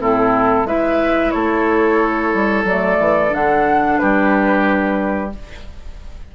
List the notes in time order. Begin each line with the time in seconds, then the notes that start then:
0.00 A2 C4 E4 A4
0.65 G#3 E4 B4 E5
1.31 A3 A4 C#5
2.34 G3
2.64 F#3 A3 D5
3.00 E3
3.30 D3 D4 F#5
3.98 G3 G4 B4